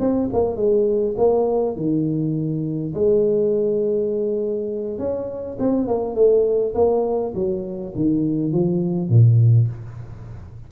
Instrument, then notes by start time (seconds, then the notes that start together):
tuba
0.00 C4
0.33 A#3
0.57 G#3
1.18 A#3
1.76 D#3
2.94 G#3
4.99 C#4
5.60 C4
5.88 A#3
6.15 A3
6.75 A#3
7.35 F#3
7.96 D#3
8.53 F3
9.09 A#2